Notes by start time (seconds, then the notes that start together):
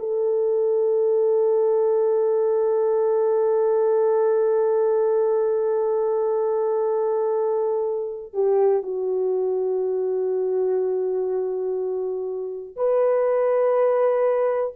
0.00 A4
8.34 G4
8.83 F#4
12.76 B4